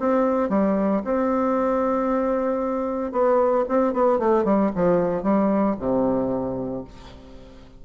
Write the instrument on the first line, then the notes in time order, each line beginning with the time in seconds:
bassoon
0.00 C4
0.50 G3
1.05 C4
3.12 B3
3.69 C4
3.94 B3
4.19 A3
4.45 G3
4.76 F3
5.23 G3
5.79 C3